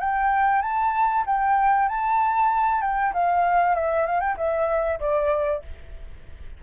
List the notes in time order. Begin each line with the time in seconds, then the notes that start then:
0.00 G5
0.62 A5
1.26 G5
1.89 A5
2.82 G5
3.14 F5
3.75 E5
4.07 F5
4.20 G5
4.37 E5
5.00 D5